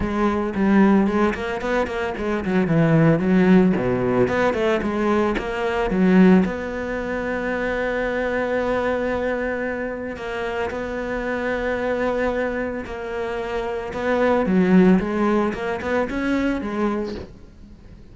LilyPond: \new Staff \with { instrumentName = "cello" } { \time 4/4 \tempo 4 = 112 gis4 g4 gis8 ais8 b8 ais8 | gis8 fis8 e4 fis4 b,4 | b8 a8 gis4 ais4 fis4 | b1~ |
b2. ais4 | b1 | ais2 b4 fis4 | gis4 ais8 b8 cis'4 gis4 | }